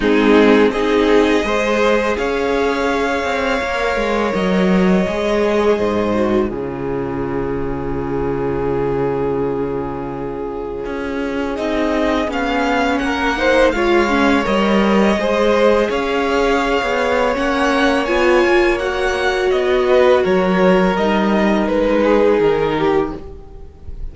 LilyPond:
<<
  \new Staff \with { instrumentName = "violin" } { \time 4/4 \tempo 4 = 83 gis'4 dis''2 f''4~ | f''2 dis''2~ | dis''4 cis''2.~ | cis''1 |
dis''4 f''4 fis''4 f''4 | dis''2 f''2 | fis''4 gis''4 fis''4 dis''4 | cis''4 dis''4 b'4 ais'4 | }
  \new Staff \with { instrumentName = "violin" } { \time 4/4 dis'4 gis'4 c''4 cis''4~ | cis''1 | c''4 gis'2.~ | gis'1~ |
gis'2 ais'8 c''8 cis''4~ | cis''4 c''4 cis''2~ | cis''2.~ cis''8 b'8 | ais'2~ ais'8 gis'4 g'8 | }
  \new Staff \with { instrumentName = "viola" } { \time 4/4 c'4 dis'4 gis'2~ | gis'4 ais'2 gis'4~ | gis'8 fis'8 f'2.~ | f'1 |
dis'4 cis'4. dis'8 f'8 cis'8 | ais'4 gis'2. | cis'4 f'4 fis'2~ | fis'4 dis'2. | }
  \new Staff \with { instrumentName = "cello" } { \time 4/4 gis4 c'4 gis4 cis'4~ | cis'8 c'8 ais8 gis8 fis4 gis4 | gis,4 cis2.~ | cis2. cis'4 |
c'4 b4 ais4 gis4 | g4 gis4 cis'4~ cis'16 b8. | ais4 b8 ais4. b4 | fis4 g4 gis4 dis4 | }
>>